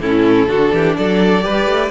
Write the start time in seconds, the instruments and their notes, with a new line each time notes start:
0.00 cello A2, viola C#4, violin E4 A4
0.47 cello D3, viola D4, violin F#4
0.73 cello E3, violin G4
0.96 cello F#3, violin A4 D5
1.41 cello G3, viola G4, violin B4
1.66 cello A3